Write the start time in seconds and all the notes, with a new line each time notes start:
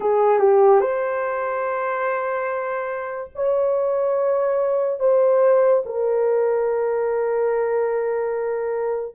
0.00 G#4
0.39 G4
0.80 C5
3.35 C#5
4.99 C5
5.85 A#4